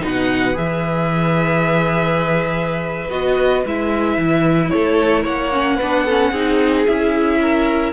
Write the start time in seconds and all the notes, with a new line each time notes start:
0.00 B2 D#4 B4 F#5
0.53 E3 G#4 E5
3.10 B3 F#4 D#5
3.65 G#3 E4 E5
4.17 E3
4.70 A3 A4 C#5
5.23 A#3 C#5 F#5
5.52 C#4
5.76 B3 D4 B4
6.05 C#4 A4
6.31 C4 D#4 G#4
6.86 C#4 E4 E5
7.41 A#4